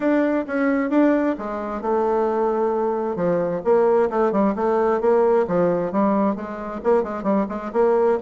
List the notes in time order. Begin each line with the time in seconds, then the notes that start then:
0.00 D4
0.47 C#4
0.90 D4
1.38 G#3
1.81 A3
3.15 F3
3.64 A#3
4.10 A3
4.31 G3
4.55 A3
5.00 A#3
5.47 F3
5.92 G3
6.35 G#3
6.83 A#3
7.03 G#3
7.23 G3
7.48 G#3
7.73 A#3